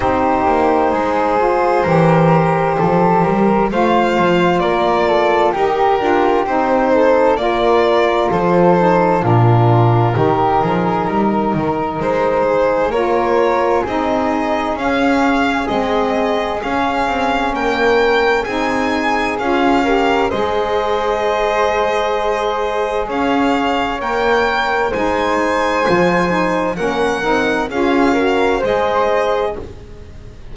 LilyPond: <<
  \new Staff \with { instrumentName = "violin" } { \time 4/4 \tempo 4 = 65 c''1 | f''4 d''4 ais'4 c''4 | d''4 c''4 ais'2~ | ais'4 c''4 cis''4 dis''4 |
f''4 dis''4 f''4 g''4 | gis''4 f''4 dis''2~ | dis''4 f''4 g''4 gis''4~ | gis''4 fis''4 f''4 dis''4 | }
  \new Staff \with { instrumentName = "flute" } { \time 4/4 g'4 gis'4 ais'4 a'8 ais'8 | c''4 ais'8 a'8 g'4. a'8 | ais'4 a'4 f'4 g'8 gis'8 | ais'4. gis'8 ais'4 gis'4~ |
gis'2. ais'4 | gis'4. ais'8 c''2~ | c''4 cis''2 c''4~ | c''4 ais'4 gis'8 ais'8 c''4 | }
  \new Staff \with { instrumentName = "saxophone" } { \time 4/4 dis'4. f'8 g'2 | f'2 g'8 f'8 dis'4 | f'4. dis'8 d'4 dis'4~ | dis'2 f'4 dis'4 |
cis'4 c'4 cis'2 | dis'4 f'8 g'8 gis'2~ | gis'2 ais'4 dis'4 | f'8 dis'8 cis'8 dis'8 f'8 fis'8 gis'4 | }
  \new Staff \with { instrumentName = "double bass" } { \time 4/4 c'8 ais8 gis4 e4 f8 g8 | a8 f8 ais4 dis'8 d'8 c'4 | ais4 f4 ais,4 dis8 f8 | g8 dis8 gis4 ais4 c'4 |
cis'4 gis4 cis'8 c'8 ais4 | c'4 cis'4 gis2~ | gis4 cis'4 ais4 gis4 | f4 ais8 c'8 cis'4 gis4 | }
>>